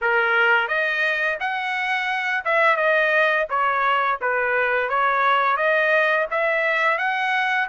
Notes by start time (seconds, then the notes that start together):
0.01 A#4
0.68 D#5
1.40 F#5
2.44 E5
2.76 D#5
3.49 C#5
4.21 B4
4.89 C#5
5.56 D#5
6.30 E5
6.98 F#5